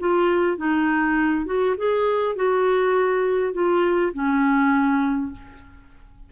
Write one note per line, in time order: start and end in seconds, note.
0.00 0.57 F4
0.57 1.46 D#4
1.46 1.76 F#4
1.77 2.36 G#4
2.36 3.53 F#4
3.53 4.13 F4
4.13 5.32 C#4